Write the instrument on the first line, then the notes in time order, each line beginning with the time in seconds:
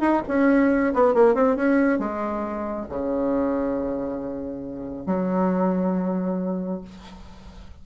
bassoon
0.00 D#4
0.28 C#4
0.93 B3
1.14 A#3
1.34 C4
1.56 C#4
1.99 G#3
2.89 C#3
5.06 F#3